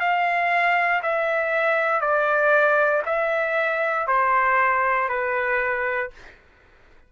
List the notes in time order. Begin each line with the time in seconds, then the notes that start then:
0.00 F5
1.02 E5
2.01 D5
3.06 E5
4.07 C5
5.09 B4